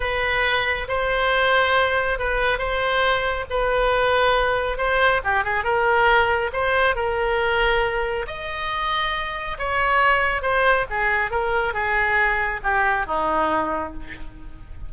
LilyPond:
\new Staff \with { instrumentName = "oboe" } { \time 4/4 \tempo 4 = 138 b'2 c''2~ | c''4 b'4 c''2 | b'2. c''4 | g'8 gis'8 ais'2 c''4 |
ais'2. dis''4~ | dis''2 cis''2 | c''4 gis'4 ais'4 gis'4~ | gis'4 g'4 dis'2 | }